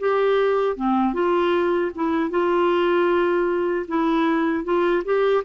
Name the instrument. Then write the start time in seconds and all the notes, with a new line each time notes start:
clarinet
0.00 G4
0.76 C4
1.13 F4
1.95 E4
2.30 F4
3.88 E4
4.64 F4
5.05 G4